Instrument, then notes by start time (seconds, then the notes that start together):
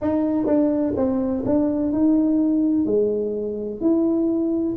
tuba
0.01 D#4
0.45 D4
0.96 C4
1.45 D4
1.92 D#4
2.85 G#3
3.81 E4